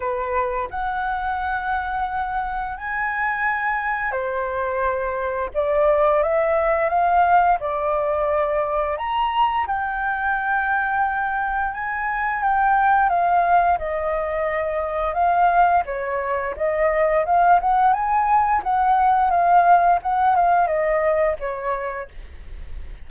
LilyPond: \new Staff \with { instrumentName = "flute" } { \time 4/4 \tempo 4 = 87 b'4 fis''2. | gis''2 c''2 | d''4 e''4 f''4 d''4~ | d''4 ais''4 g''2~ |
g''4 gis''4 g''4 f''4 | dis''2 f''4 cis''4 | dis''4 f''8 fis''8 gis''4 fis''4 | f''4 fis''8 f''8 dis''4 cis''4 | }